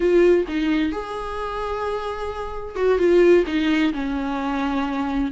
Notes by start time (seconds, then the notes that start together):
0.00 F4
0.48 D#4
0.91 G#4
2.75 F#4
2.98 F4
3.46 D#4
3.93 C#4